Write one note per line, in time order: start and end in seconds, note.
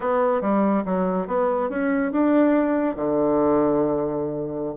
0.00 0.41 B3
0.41 0.83 G3
0.85 1.27 F#3
1.27 1.69 B3
1.69 2.11 C#4
2.12 2.96 D4
2.96 4.75 D3